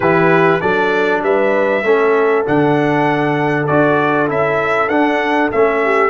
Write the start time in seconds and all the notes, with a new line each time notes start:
0.00 E3 E4 G4 B4
0.60 F#3 D4 A4 D5
1.22 G3 B4 E5
1.83 A3 C#4 A4
2.45 D3 D4 F#5
3.66 D4 F#4 D5
4.28 C#4 E4 E5
4.88 D4 F#5
5.51 A3 C#4 E5
5.83 G4